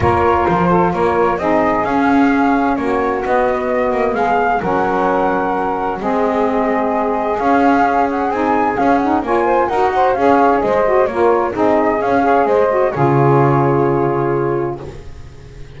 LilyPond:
<<
  \new Staff \with { instrumentName = "flute" } { \time 4/4 \tempo 4 = 130 cis''4 c''4 cis''4 dis''4 | f''2 cis''4 dis''4~ | dis''4 f''4 fis''2~ | fis''4 dis''2. |
f''4. fis''8 gis''4 f''8 fis''8 | gis''4 fis''4 f''4 dis''4 | cis''4 dis''4 f''4 dis''4 | cis''1 | }
  \new Staff \with { instrumentName = "saxophone" } { \time 4/4 ais'4. a'8 ais'4 gis'4~ | gis'2 fis'2~ | fis'4 gis'4 ais'2~ | ais'4 gis'2.~ |
gis'1 | cis''8 c''8 ais'8 c''8 cis''4 c''4 | ais'4 gis'4. cis''8 c''4 | gis'1 | }
  \new Staff \with { instrumentName = "saxophone" } { \time 4/4 f'2. dis'4 | cis'2. b4~ | b2 cis'2~ | cis'4 c'2. |
cis'2 dis'4 cis'8 dis'8 | f'4 fis'4 gis'4. fis'8 | f'4 dis'4 cis'8 gis'4 fis'8 | f'1 | }
  \new Staff \with { instrumentName = "double bass" } { \time 4/4 ais4 f4 ais4 c'4 | cis'2 ais4 b4~ | b8 ais8 gis4 fis2~ | fis4 gis2. |
cis'2 c'4 cis'4 | ais4 dis'4 cis'4 gis4 | ais4 c'4 cis'4 gis4 | cis1 | }
>>